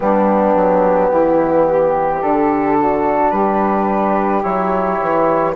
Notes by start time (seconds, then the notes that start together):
0.00 G3 B3 D4 G4
0.55 F#3
1.10 E3 E4
1.68 G4
2.21 D3 D4 A4
2.78 F#4
3.30 G3 G4 B4
4.43 F#3 E4 C#5
5.00 E3